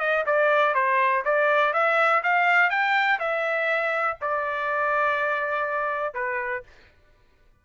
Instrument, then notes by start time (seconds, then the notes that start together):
trumpet
0.00 D#5
0.26 D5
0.75 C5
1.25 D5
1.73 E5
2.24 F5
2.70 G5
3.19 E5
4.21 D5
6.14 B4